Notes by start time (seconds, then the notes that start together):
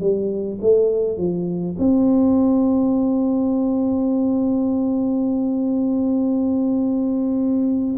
0.00 G3
0.60 A3
1.17 F3
1.78 C4